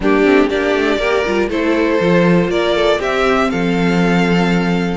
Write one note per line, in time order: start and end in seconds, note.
0.00 0.23 G3
0.00 0.24 A#3
0.00 0.49 D4
0.00 0.49 G4
0.24 0.50 A3
0.24 0.49 C4
0.49 0.75 A#3
0.49 0.99 D4
0.49 0.99 G4
0.49 1.49 D5
0.75 0.97 A3
0.97 1.22 A#3
0.97 1.24 G4
0.97 1.49 A#4
1.26 1.49 G3
1.26 1.50 F4
1.49 1.99 A3
1.49 2.00 E4
1.49 2.50 A4
1.49 2.50 C5
2.00 2.48 F3
2.00 3.01 F4
2.48 2.98 A#3
2.48 2.75 A#4
2.48 3.00 D5
2.75 2.98 A4
2.98 3.49 C4
2.98 4.97 C4
2.98 3.48 G4
2.98 3.50 E5
3.50 4.97 F3
3.50 4.97 A4
3.50 4.97 F5